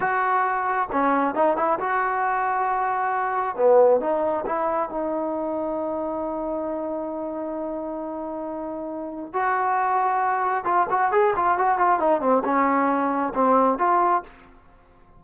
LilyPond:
\new Staff \with { instrumentName = "trombone" } { \time 4/4 \tempo 4 = 135 fis'2 cis'4 dis'8 e'8 | fis'1 | b4 dis'4 e'4 dis'4~ | dis'1~ |
dis'1~ | dis'4 fis'2. | f'8 fis'8 gis'8 f'8 fis'8 f'8 dis'8 c'8 | cis'2 c'4 f'4 | }